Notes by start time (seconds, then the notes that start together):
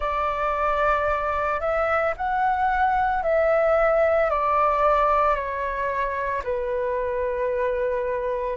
0.00 D5
1.60 E5
2.16 F#5
3.22 E5
4.30 D5
5.35 C#5
6.43 B4